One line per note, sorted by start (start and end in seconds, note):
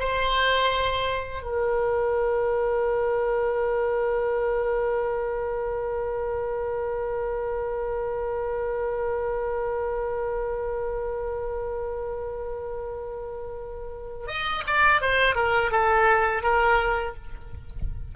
0.00 1.43 C5
1.43 14.28 A#4
14.28 14.64 D#5
14.67 15.02 D5
15.02 15.36 C5
15.36 15.72 A#4
15.72 16.43 A4
16.43 17.15 A#4